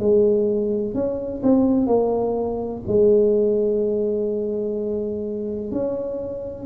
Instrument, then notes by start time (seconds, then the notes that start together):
tuba
0.00 G#3
0.95 C#4
1.43 C4
1.87 A#3
2.88 G#3
5.71 C#4